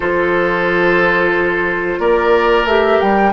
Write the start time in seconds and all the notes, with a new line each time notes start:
0.00 F3 F4 A4 C5
1.98 A#3 A#4 D5
2.64 A3 G4 E5
3.00 G3 G5